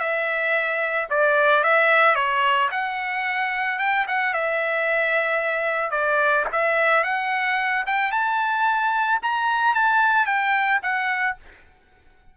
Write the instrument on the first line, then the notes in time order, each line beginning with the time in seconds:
trumpet
0.00 E5
1.11 D5
1.64 E5
2.16 C#5
2.72 F#5
3.79 G5
4.08 F#5
4.34 E5
5.91 D5
6.52 E5
7.04 F#5
7.87 G5
8.12 A5
9.23 A#5
9.75 A5
10.26 G5
10.83 F#5